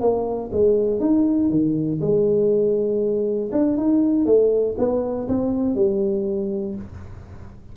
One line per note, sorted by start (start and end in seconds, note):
0.00 0.50 A#3
0.52 1.00 G#3
1.00 1.50 D#4
1.50 2.00 D#3
2.01 3.51 G#3
3.52 3.77 D4
3.77 4.25 D#4
4.25 4.75 A3
4.78 5.28 B3
5.28 5.75 C4
5.75 6.75 G3